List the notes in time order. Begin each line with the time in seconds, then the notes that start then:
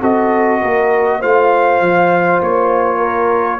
0.00 C4 F#4 A4 D#5
0.61 A#3 A#4
1.20 A3 F4 C5 F5
1.80 F3
2.41 A#3 C#5
2.97 A#4